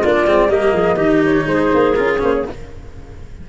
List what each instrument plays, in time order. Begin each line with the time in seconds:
0.00 tuba A#3, cello D4, clarinet F4, flute D5
0.27 tuba G#3, cello C4
0.49 tuba G3, cello A#3, clarinet G4, flute D#5
0.73 tuba F3, clarinet G#4
0.96 tuba D#3, cello D#4, clarinet G4
1.25 flute C#5
1.46 tuba G#3, clarinet G#4, flute C5
1.74 tuba A#3
1.94 tuba C#4, cello F4, flute A#4
2.19 tuba A#3, cello C#4, flute C5
2.35 flute C#5